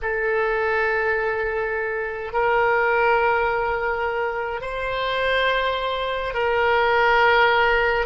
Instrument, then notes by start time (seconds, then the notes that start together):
oboe
0.02 A4
2.32 A#4
4.61 C5
6.34 A#4